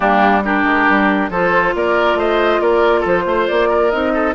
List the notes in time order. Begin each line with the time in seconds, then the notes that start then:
0.00 G3 A#3 D4 G4
0.44 D4 G4 A#4
0.64 G#3
0.89 G3
1.29 F3 F4 A4 C5
1.75 A#3 A#4 D5
2.14 A3 C5 D#5
2.60 A#3 A#4 D5
3.00 F3 A4
3.07 C5
3.25 A3 C5
3.47 A#3 D5
3.68 A#4
3.90 C4 D#4 D#5
4.13 A4